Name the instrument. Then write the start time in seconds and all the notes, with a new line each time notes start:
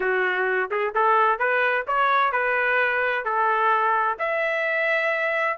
trumpet
0.00 F#4
0.70 G#4
0.94 A4
1.38 B4
1.87 C#5
2.32 B4
3.24 A4
4.18 E5